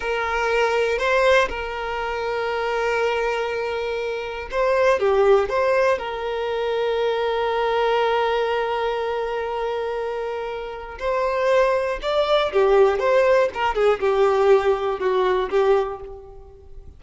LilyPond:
\new Staff \with { instrumentName = "violin" } { \time 4/4 \tempo 4 = 120 ais'2 c''4 ais'4~ | ais'1~ | ais'4 c''4 g'4 c''4 | ais'1~ |
ais'1~ | ais'2 c''2 | d''4 g'4 c''4 ais'8 gis'8 | g'2 fis'4 g'4 | }